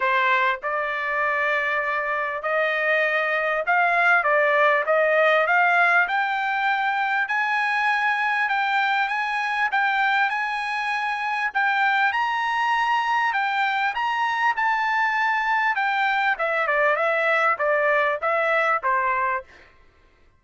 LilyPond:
\new Staff \with { instrumentName = "trumpet" } { \time 4/4 \tempo 4 = 99 c''4 d''2. | dis''2 f''4 d''4 | dis''4 f''4 g''2 | gis''2 g''4 gis''4 |
g''4 gis''2 g''4 | ais''2 g''4 ais''4 | a''2 g''4 e''8 d''8 | e''4 d''4 e''4 c''4 | }